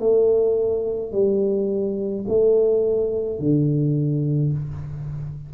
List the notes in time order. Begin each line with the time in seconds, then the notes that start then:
0.00 A3
1.12 G3
2.28 A3
3.40 D3